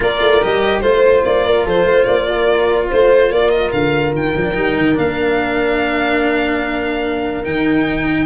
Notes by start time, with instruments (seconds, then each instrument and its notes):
0.00 tuba A#3, cello F4, horn A#4, violin D5
0.20 tuba A3
0.41 tuba G3, cello G4, violin D#5
0.80 tuba A3, cello F4, violin C5, horn C5
1.25 tuba A#3, violin D5
1.45 horn A#4
1.65 tuba F3, horn A4, violin C5
1.84 tuba A3, horn C5
2.04 tuba A#3, violin D5
2.28 horn A#4
2.88 tuba A3, horn C5, violin C5
3.30 tuba A#3, horn A#4, violin D5
3.50 violin D#5
3.71 tuba D3, violin F5
4.13 tuba D#3, violin G5
4.35 tuba F3, cello D#4
4.42 cello D4
4.53 tuba G3, cello D#4
4.77 tuba D#3
4.95 tuba A#3, cello D4, violin F5
7.43 tuba D#3, cello D#4, violin G5